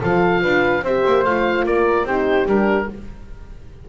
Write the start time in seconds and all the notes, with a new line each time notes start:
0.00 F3 F4 A4 F5
0.41 D4 B4
0.82 C4 G4 C5 E5
1.06 A#3
1.24 A3 F4 F5
1.64 A#3 A#4 D5
2.03 C4 D#4 G4 C5
2.45 G3 D4 A#4